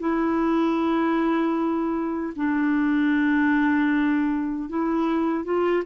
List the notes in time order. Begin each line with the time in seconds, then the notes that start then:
0.00 E4
2.36 D4
4.69 E4
5.44 F4